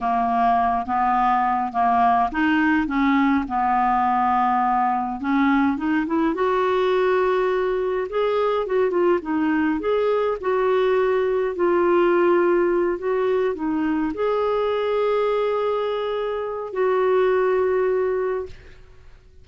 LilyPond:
\new Staff \with { instrumentName = "clarinet" } { \time 4/4 \tempo 4 = 104 ais4. b4. ais4 | dis'4 cis'4 b2~ | b4 cis'4 dis'8 e'8 fis'4~ | fis'2 gis'4 fis'8 f'8 |
dis'4 gis'4 fis'2 | f'2~ f'8 fis'4 dis'8~ | dis'8 gis'2.~ gis'8~ | gis'4 fis'2. | }